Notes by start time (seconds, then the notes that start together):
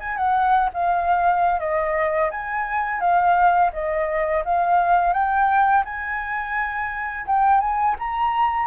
0.00 G#5
0.17 F#5
0.73 F5
1.59 D#5
2.31 G#5
3.00 F5
3.73 D#5
4.44 F5
5.13 G5
5.85 G#5
7.26 G5
7.60 G#5
7.99 A#5